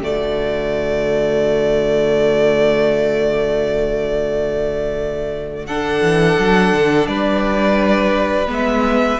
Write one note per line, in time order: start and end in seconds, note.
0.00 6.00 D3
0.00 5.67 A3
0.00 5.67 F#4
0.00 5.66 D5
5.66 8.47 D4
5.66 7.08 A4
5.66 7.06 F#5
6.02 6.37 E3
6.38 6.72 F#3
6.72 7.07 D3
7.06 8.47 G3
7.06 9.20 B4
7.06 8.47 D5
8.47 9.18 G#3
8.47 9.17 B3
8.47 9.20 E5